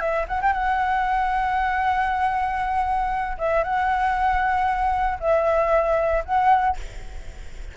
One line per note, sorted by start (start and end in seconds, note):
0.00 0.26 E5
0.28 0.41 F#5
0.42 0.53 G5
0.53 3.38 F#5
3.38 3.64 E5
3.64 5.19 F#5
5.20 6.24 E5
6.25 6.77 F#5